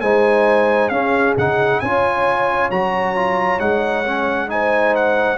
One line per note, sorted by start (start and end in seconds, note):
0.00 0.90 G#3
0.00 0.91 D#4
0.00 0.91 C5
0.00 0.88 G#5
0.88 1.35 C#4
0.88 1.36 C#4
0.88 1.81 G#4
0.88 1.33 F5
1.37 1.81 C#3
1.37 1.83 D#4
1.37 1.79 F#5
1.79 2.70 C#4
1.79 2.71 F4
1.79 4.50 C#5
1.79 2.69 G#5
2.70 3.59 F#3
2.70 3.15 F#4
2.70 3.59 A#5
3.15 3.59 F4
3.59 5.37 G#3
3.59 4.04 D#4
3.59 4.49 F#5
4.04 4.47 C#4
4.47 5.37 D#4
4.47 5.37 C5
4.47 4.94 G#5
4.95 5.37 F#5